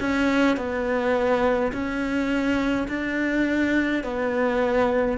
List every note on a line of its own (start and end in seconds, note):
0.00 0.57 C#4
0.57 1.73 B3
1.73 2.88 C#4
2.88 4.04 D4
4.04 5.19 B3